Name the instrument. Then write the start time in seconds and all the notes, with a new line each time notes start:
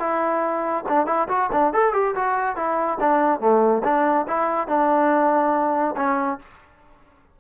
trombone
0.00 E4
0.89 D4
1.07 E4
1.29 F#4
1.52 D4
1.74 A4
1.94 G4
2.16 F#4
2.56 E4
3.00 D4
3.40 A3
3.84 D4
4.28 E4
4.68 D4
5.97 C#4